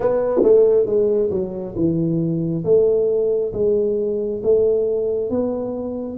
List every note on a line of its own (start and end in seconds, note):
0.00 0.41 B3
0.43 0.85 A3
0.85 1.30 G#3
1.30 1.74 F#3
1.75 2.64 E3
2.64 3.53 A3
3.53 4.41 G#3
4.43 5.29 A3
5.29 6.17 B3